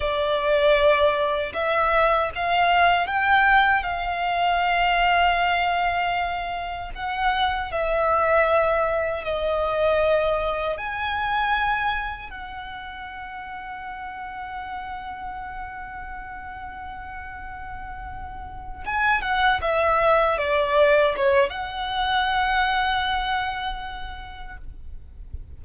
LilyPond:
\new Staff \with { instrumentName = "violin" } { \time 4/4 \tempo 4 = 78 d''2 e''4 f''4 | g''4 f''2.~ | f''4 fis''4 e''2 | dis''2 gis''2 |
fis''1~ | fis''1~ | fis''8 gis''8 fis''8 e''4 d''4 cis''8 | fis''1 | }